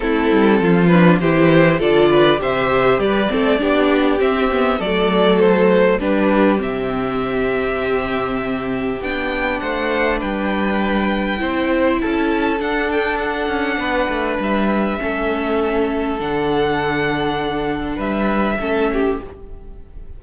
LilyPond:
<<
  \new Staff \with { instrumentName = "violin" } { \time 4/4 \tempo 4 = 100 a'4. b'8 c''4 d''4 | e''4 d''2 e''4 | d''4 c''4 b'4 e''4~ | e''2. g''4 |
fis''4 g''2. | a''4 fis''8 g''8 fis''2 | e''2. fis''4~ | fis''2 e''2 | }
  \new Staff \with { instrumentName = "violin" } { \time 4/4 e'4 f'4 g'4 a'8 b'8 | c''4 b'8 a'8 g'2 | a'2 g'2~ | g'1 |
c''4 b'2 c''4 | a'2. b'4~ | b'4 a'2.~ | a'2 b'4 a'8 g'8 | }
  \new Staff \with { instrumentName = "viola" } { \time 4/4 c'4. d'8 e'4 f'4 | g'4. c'8 d'4 c'8 b8 | a2 d'4 c'4~ | c'2. d'4~ |
d'2. e'4~ | e'4 d'2.~ | d'4 cis'2 d'4~ | d'2. cis'4 | }
  \new Staff \with { instrumentName = "cello" } { \time 4/4 a8 g8 f4 e4 d4 | c4 g8 a8 b4 c'4 | fis2 g4 c4~ | c2. b4 |
a4 g2 c'4 | cis'4 d'4. cis'8 b8 a8 | g4 a2 d4~ | d2 g4 a4 | }
>>